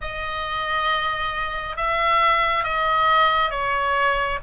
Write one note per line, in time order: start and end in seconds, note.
0.01 1.76 D#5
1.76 2.64 E5
2.64 3.50 D#5
3.50 4.38 C#5